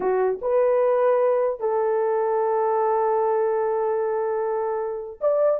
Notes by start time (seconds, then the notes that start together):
0.00 F#4
0.41 B4
1.60 A4
5.20 D5